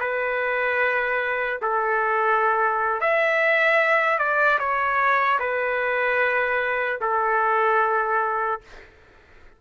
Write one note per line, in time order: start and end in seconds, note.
0.00 1.60 B4
1.62 3.01 A4
3.01 4.19 E5
4.19 4.59 D5
4.59 5.39 C#5
5.40 7.00 B4
7.01 8.61 A4